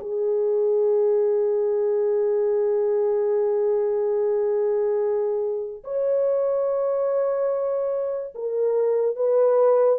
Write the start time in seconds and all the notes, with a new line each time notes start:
0.00 G#4
5.84 C#5
8.34 A#4
9.16 B4